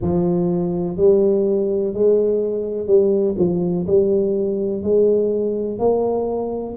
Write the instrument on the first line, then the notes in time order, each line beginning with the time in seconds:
tuba
0.01 F3
0.97 G3
1.94 G#3
2.86 G3
3.37 F3
3.86 G3
4.83 G#3
5.78 A#3